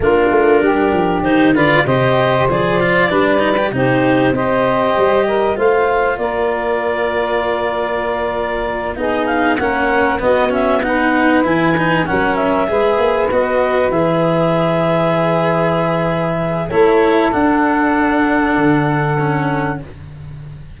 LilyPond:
<<
  \new Staff \with { instrumentName = "clarinet" } { \time 4/4 \tempo 4 = 97 ais'2 c''8 d''8 dis''4 | d''2 c''4 dis''4~ | dis''4 f''4 d''2~ | d''2~ d''8 dis''8 f''8 fis''8~ |
fis''8 dis''8 e''8 fis''4 gis''4 fis''8 | e''4. dis''4 e''4.~ | e''2. cis''4 | fis''1 | }
  \new Staff \with { instrumentName = "saxophone" } { \time 4/4 f'4 g'4. b'8 c''4~ | c''4 b'4 g'4 c''4~ | c''8 ais'8 c''4 ais'2~ | ais'2~ ais'8 gis'4 ais'8~ |
ais'8 fis'4 b'2 ais'8~ | ais'8 b'2.~ b'8~ | b'2. a'4~ | a'1 | }
  \new Staff \with { instrumentName = "cello" } { \time 4/4 d'2 dis'8 f'8 g'4 | gis'8 f'8 d'8 dis'16 g'16 dis'4 g'4~ | g'4 f'2.~ | f'2~ f'8 dis'4 cis'8~ |
cis'8 b8 cis'8 dis'4 e'8 dis'8 cis'8~ | cis'8 gis'4 fis'4 gis'4.~ | gis'2. e'4 | d'2. cis'4 | }
  \new Staff \with { instrumentName = "tuba" } { \time 4/4 ais8 a8 g8 f8 dis8 d8 c4 | f4 g4 c4 c'4 | g4 a4 ais2~ | ais2~ ais8 b4 ais8~ |
ais8 b2 e4 fis8~ | fis8 gis8 ais8 b4 e4.~ | e2. a4 | d'2 d2 | }
>>